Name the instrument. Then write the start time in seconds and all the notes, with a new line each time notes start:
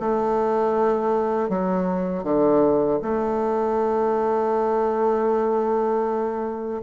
bassoon
0.00 A3
1.49 F#3
2.24 D3
3.02 A3